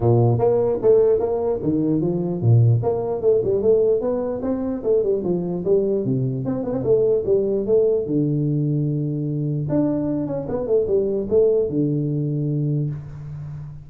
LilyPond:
\new Staff \with { instrumentName = "tuba" } { \time 4/4 \tempo 4 = 149 ais,4 ais4 a4 ais4 | dis4 f4 ais,4 ais4 | a8 g8 a4 b4 c'4 | a8 g8 f4 g4 c4 |
c'8 b16 c'16 a4 g4 a4 | d1 | d'4. cis'8 b8 a8 g4 | a4 d2. | }